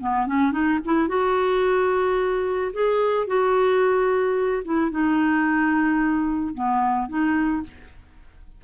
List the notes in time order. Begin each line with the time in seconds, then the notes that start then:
0.00 B3
0.27 C#4
0.52 D#4
0.85 E4
1.08 F#4
2.73 G#4
3.27 F#4
4.65 E4
4.91 D#4
6.54 B3
7.09 D#4